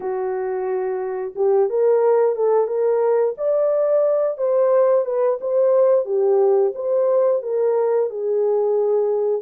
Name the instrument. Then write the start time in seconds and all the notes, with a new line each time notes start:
horn
0.00 F#4
1.35 G4
1.69 A#4
2.35 A4
2.67 A#4
3.37 D5
4.37 C5
5.05 B4
5.41 C5
6.05 G4
6.74 C5
7.42 A#4
8.10 G#4